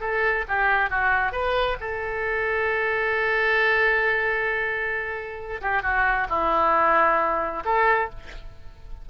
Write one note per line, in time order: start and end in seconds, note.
0.00 0.45 A4
0.48 0.90 G4
0.90 1.32 F#4
1.32 1.77 B4
1.80 5.61 A4
5.61 5.82 G4
5.82 6.27 F#4
6.29 7.64 E4
7.65 8.10 A4